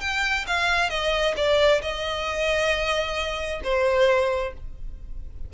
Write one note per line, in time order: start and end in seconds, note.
0.00 0.45 G5
0.46 0.90 F5
0.90 1.34 D#5
1.36 1.81 D5
1.81 3.60 D#5
3.64 4.53 C5